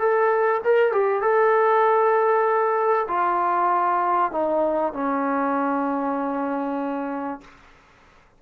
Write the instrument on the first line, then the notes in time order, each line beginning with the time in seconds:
trombone
0.00 A4
0.64 A#4
0.93 G4
1.22 A4
3.08 F4
4.32 D#4
4.94 C#4